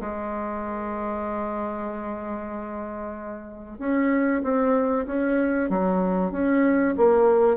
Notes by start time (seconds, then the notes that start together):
0.00 G#3
3.79 C#4
4.43 C4
5.06 C#4
5.69 F#3
6.31 C#4
6.97 A#3